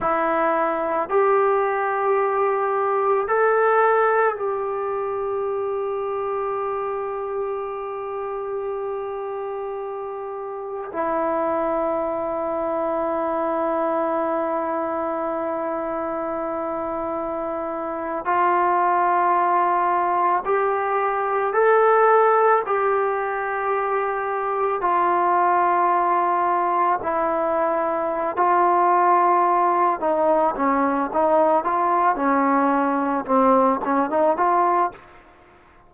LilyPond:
\new Staff \with { instrumentName = "trombone" } { \time 4/4 \tempo 4 = 55 e'4 g'2 a'4 | g'1~ | g'2 e'2~ | e'1~ |
e'8. f'2 g'4 a'16~ | a'8. g'2 f'4~ f'16~ | f'8. e'4~ e'16 f'4. dis'8 | cis'8 dis'8 f'8 cis'4 c'8 cis'16 dis'16 f'8 | }